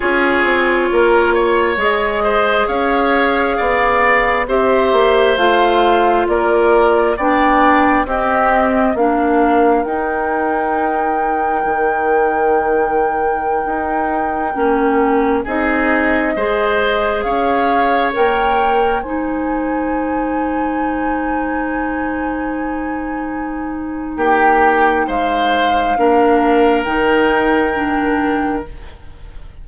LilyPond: <<
  \new Staff \with { instrumentName = "flute" } { \time 4/4 \tempo 4 = 67 cis''2 dis''4 f''4~ | f''4 e''4 f''4 d''4 | g''4 dis''4 f''4 g''4~ | g''1~ |
g''4~ g''16 dis''2 f''8.~ | f''16 g''4 gis''2~ gis''8.~ | gis''2. g''4 | f''2 g''2 | }
  \new Staff \with { instrumentName = "oboe" } { \time 4/4 gis'4 ais'8 cis''4 c''8 cis''4 | d''4 c''2 ais'4 | d''4 g'4 ais'2~ | ais'1~ |
ais'4~ ais'16 gis'4 c''4 cis''8.~ | cis''4~ cis''16 c''2~ c''8.~ | c''2. g'4 | c''4 ais'2. | }
  \new Staff \with { instrumentName = "clarinet" } { \time 4/4 f'2 gis'2~ | gis'4 g'4 f'2 | d'4 c'4 d'4 dis'4~ | dis'1~ |
dis'16 cis'4 dis'4 gis'4.~ gis'16~ | gis'16 ais'4 dis'2~ dis'8.~ | dis'1~ | dis'4 d'4 dis'4 d'4 | }
  \new Staff \with { instrumentName = "bassoon" } { \time 4/4 cis'8 c'8 ais4 gis4 cis'4 | b4 c'8 ais8 a4 ais4 | b4 c'4 ais4 dis'4~ | dis'4 dis2~ dis16 dis'8.~ |
dis'16 ais4 c'4 gis4 cis'8.~ | cis'16 ais4 gis2~ gis8.~ | gis2. ais4 | gis4 ais4 dis2 | }
>>